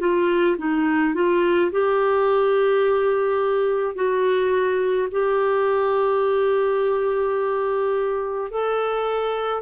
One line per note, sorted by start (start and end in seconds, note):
0.00 0.57 F4
0.58 1.15 D#4
1.15 1.71 F4
1.71 3.95 G4
3.95 5.08 F#4
5.11 8.51 G4
8.51 9.62 A4